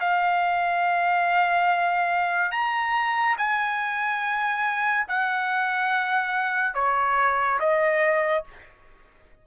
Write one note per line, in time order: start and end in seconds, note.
0.00 2.52 F5
2.52 3.36 A#5
3.38 5.07 G#5
5.08 6.75 F#5
6.75 7.59 C#5
7.60 8.44 D#5